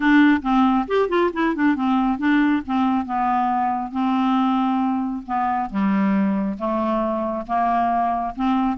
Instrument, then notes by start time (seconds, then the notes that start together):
clarinet
0.00 D4
0.42 C4
0.87 G4
1.08 F4
1.33 E4
1.55 D4
1.75 C4
2.18 D4
2.66 C4
3.05 B3
3.91 C4
5.26 B3
5.69 G3
6.58 A3
7.46 A#3
8.35 C4